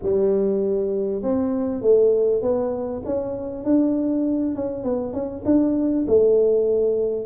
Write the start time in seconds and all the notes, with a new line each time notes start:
0.02 G3
1.22 C4
1.81 A3
2.41 B3
3.05 C#4
3.64 D4
4.55 C#4
4.83 B3
5.13 C#4
5.45 D4
6.07 A3